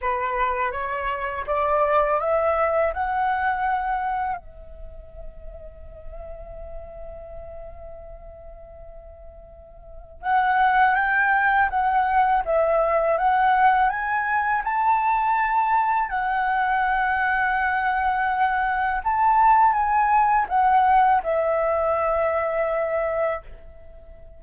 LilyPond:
\new Staff \with { instrumentName = "flute" } { \time 4/4 \tempo 4 = 82 b'4 cis''4 d''4 e''4 | fis''2 e''2~ | e''1~ | e''2 fis''4 g''4 |
fis''4 e''4 fis''4 gis''4 | a''2 fis''2~ | fis''2 a''4 gis''4 | fis''4 e''2. | }